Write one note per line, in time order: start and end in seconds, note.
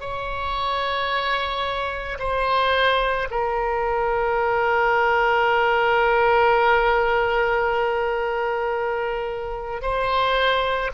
0.00 2.18 C#5
2.19 3.28 C5
3.30 9.81 A#4
9.81 10.90 C5